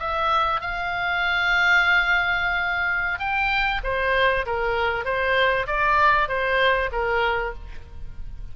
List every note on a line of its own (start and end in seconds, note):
0.00 0.61 E5
0.61 3.20 F5
3.20 3.82 G5
3.84 4.46 C5
4.46 5.05 A#4
5.05 5.67 C5
5.67 6.29 D5
6.29 6.91 C5
6.92 7.54 A#4